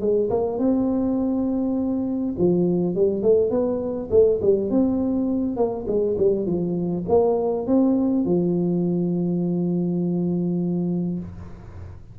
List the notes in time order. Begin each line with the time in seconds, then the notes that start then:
0.00 G#3
0.30 A#3
0.58 C4
2.38 F3
2.95 G3
3.22 A3
3.50 B3
4.10 A3
4.41 G3
4.70 C4
5.56 A#3
5.87 G#3
6.18 G3
6.46 F3
7.08 A#3
7.67 C4
8.25 F3